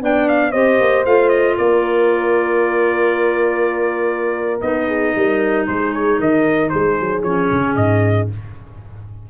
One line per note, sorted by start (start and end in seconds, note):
0.00 0.53 B3
0.00 0.53 D4
0.00 0.51 D5
0.00 0.29 G5
0.29 0.52 F5
0.51 0.80 C4
0.51 1.06 G4
0.51 1.56 C5
0.51 1.04 D#5
0.80 1.05 A#3
1.05 1.58 A3
1.05 4.61 F4
1.05 1.29 F5
1.29 1.55 D#5
1.57 4.61 A#3
1.57 4.86 A#4
1.57 4.60 D5
4.61 5.15 B3
4.61 7.24 D#4
4.61 5.66 D#5
4.87 5.13 G#4
5.15 5.68 G3
5.15 5.67 A#4
5.67 6.20 G#3
5.67 6.19 G#4
5.67 5.93 C5
5.93 6.20 C#5
6.19 6.72 D#3
6.19 6.72 A#4
6.19 6.69 D#5
6.69 7.00 G#3
6.69 8.30 G#4
6.69 7.22 C5
7.00 7.23 F#3
7.23 7.49 F3
7.23 8.30 C#4
7.23 7.75 C#5
7.51 7.76 C#3
7.75 8.29 G#2
7.75 8.28 D#5